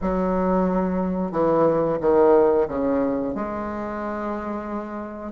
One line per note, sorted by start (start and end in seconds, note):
0.02 1.32 F#3
1.32 1.98 E3
2.00 2.67 D#3
2.68 3.35 C#3
3.35 5.32 G#3